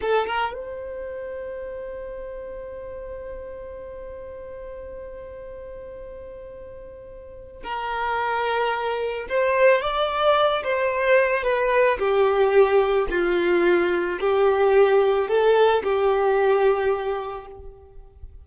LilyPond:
\new Staff \with { instrumentName = "violin" } { \time 4/4 \tempo 4 = 110 a'8 ais'8 c''2.~ | c''1~ | c''1~ | c''2 ais'2~ |
ais'4 c''4 d''4. c''8~ | c''4 b'4 g'2 | f'2 g'2 | a'4 g'2. | }